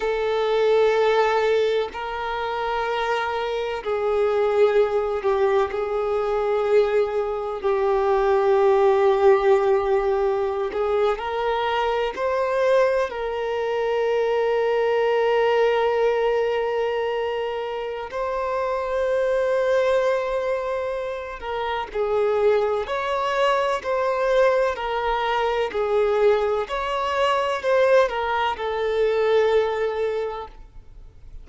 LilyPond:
\new Staff \with { instrumentName = "violin" } { \time 4/4 \tempo 4 = 63 a'2 ais'2 | gis'4. g'8 gis'2 | g'2.~ g'16 gis'8 ais'16~ | ais'8. c''4 ais'2~ ais'16~ |
ais'2. c''4~ | c''2~ c''8 ais'8 gis'4 | cis''4 c''4 ais'4 gis'4 | cis''4 c''8 ais'8 a'2 | }